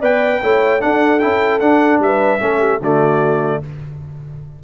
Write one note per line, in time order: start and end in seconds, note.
0.00 0.41 B3
0.00 0.42 B4
0.00 0.40 D5
0.00 0.81 G5
0.42 0.83 A3
0.42 0.80 E4
0.42 0.82 C#5
0.80 1.20 D4
0.80 1.23 D4
0.80 2.02 A4
0.80 1.19 F#5
1.19 1.61 C#4
1.19 1.60 E4
1.19 1.59 G5
1.60 2.40 D4
1.60 1.99 D4
1.60 2.00 F#5
1.99 2.39 G3
1.99 2.41 B4
1.99 2.82 E5
2.40 2.80 A3
2.40 2.80 C#4
2.40 2.59 A4
2.59 2.79 G4
2.80 3.60 D3
2.80 3.63 A3
2.80 3.60 F#4
2.80 3.63 D5